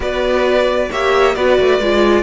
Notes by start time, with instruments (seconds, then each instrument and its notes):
0.00 cello B3, viola F#4, violin B4 D5
0.90 cello A#3, viola G4, violin C#5 E5
1.35 cello B3, viola F#4, violin B4 D5
1.59 cello A3
1.79 cello G#3, viola F4